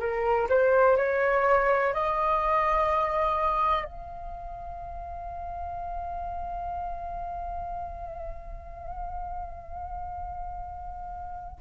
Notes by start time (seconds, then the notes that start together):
0.00 A#4
0.49 C5
0.97 C#5
1.94 D#5
3.85 F5